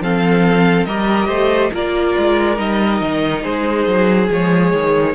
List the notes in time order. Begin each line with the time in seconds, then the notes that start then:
0.00 F3 C4 A4 F5
0.85 G3 G4 A#4 D#5
1.28 A3 C5
1.73 A#3 F4 A#4 D5
2.18 G#3
2.56 G3 D#4 D#5
3.01 D#3
3.42 G#3 G#4 C5
3.87 F#3
4.31 F3 G#3 C#5
4.73 D#3